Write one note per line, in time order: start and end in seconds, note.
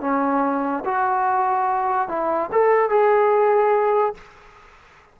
0.00 0.83 C#4
0.84 2.08 F#4
2.08 2.50 E4
2.52 2.89 A4
2.89 4.14 G#4